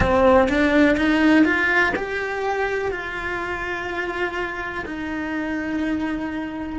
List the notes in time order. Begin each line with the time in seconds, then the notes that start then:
0.00 C4
0.48 D4
0.97 D#4
1.44 F4
1.96 G4
2.91 F4
4.85 D#4